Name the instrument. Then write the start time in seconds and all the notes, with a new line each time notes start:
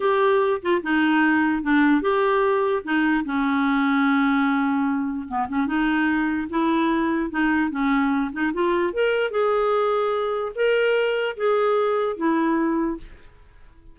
clarinet
0.00 G4
0.61 F4
0.82 D#4
1.62 D4
2.01 G4
2.84 D#4
3.24 C#4
5.27 B3
5.48 C#4
5.66 D#4
6.49 E4
7.30 D#4
7.70 C#4
8.32 D#4
8.53 F4
8.93 A#4
9.30 G#4
10.55 A#4
11.36 G#4
12.16 E4